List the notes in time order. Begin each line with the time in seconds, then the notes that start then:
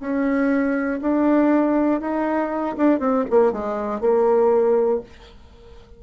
0.00 C#4
1.01 D4
2.00 D#4
2.77 D4
3.00 C4
3.30 A#3
3.52 G#3
4.01 A#3